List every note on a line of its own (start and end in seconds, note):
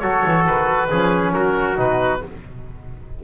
0.00 0.24 F#3
0.00 0.91 F#4
0.00 0.90 A4
0.00 0.44 C#5
0.26 0.47 E3
0.47 0.91 D#3
0.47 1.33 B4
0.91 1.35 F3
0.91 1.76 C#4
0.91 1.34 G#4
1.33 1.79 F#3
1.33 2.22 F#4
1.33 1.77 A#4
1.76 2.23 B2
1.76 2.20 D#4
1.76 2.24 B4